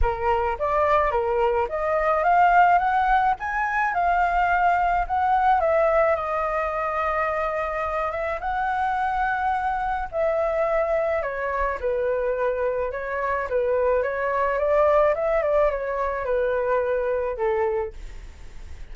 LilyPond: \new Staff \with { instrumentName = "flute" } { \time 4/4 \tempo 4 = 107 ais'4 d''4 ais'4 dis''4 | f''4 fis''4 gis''4 f''4~ | f''4 fis''4 e''4 dis''4~ | dis''2~ dis''8 e''8 fis''4~ |
fis''2 e''2 | cis''4 b'2 cis''4 | b'4 cis''4 d''4 e''8 d''8 | cis''4 b'2 a'4 | }